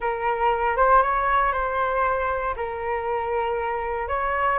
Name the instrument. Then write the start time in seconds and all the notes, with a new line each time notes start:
flute
0.00 A#4
0.76 C5
1.02 C#5
1.52 C5
2.56 A#4
4.08 C#5